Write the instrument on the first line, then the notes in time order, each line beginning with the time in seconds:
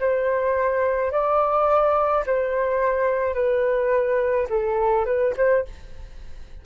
flute
0.00 C5
1.11 D5
2.26 C5
3.34 B4
4.49 A4
5.05 B4
5.37 C5